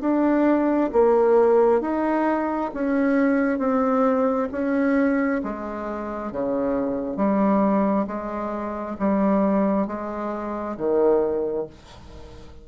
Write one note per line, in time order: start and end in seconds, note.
0.00 0.90 D4
0.92 1.81 A#3
1.81 2.70 D#4
2.74 3.58 C#4
3.58 4.48 C4
4.51 5.41 C#4
5.43 6.31 G#3
6.31 7.16 C#3
7.16 8.06 G3
8.06 8.96 G#3
8.99 9.87 G3
9.87 10.76 G#3
10.77 11.66 D#3